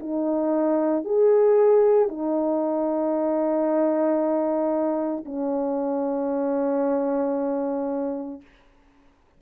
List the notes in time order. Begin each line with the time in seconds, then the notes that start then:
0.00 D#4
1.05 G#4
2.09 D#4
5.26 C#4